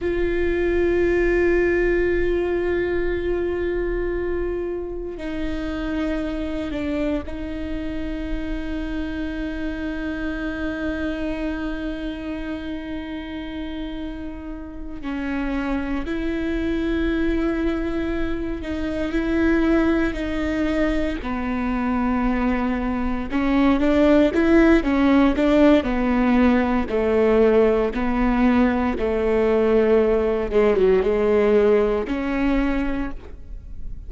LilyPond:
\new Staff \with { instrumentName = "viola" } { \time 4/4 \tempo 4 = 58 f'1~ | f'4 dis'4. d'8 dis'4~ | dis'1~ | dis'2~ dis'8 cis'4 e'8~ |
e'2 dis'8 e'4 dis'8~ | dis'8 b2 cis'8 d'8 e'8 | cis'8 d'8 b4 a4 b4 | a4. gis16 fis16 gis4 cis'4 | }